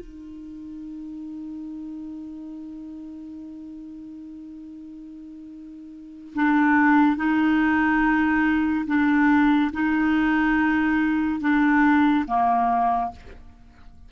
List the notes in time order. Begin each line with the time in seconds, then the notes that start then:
0.00 D#4
6.35 D4
7.17 D#4
8.87 D4
9.73 D#4
11.41 D4
12.27 A#3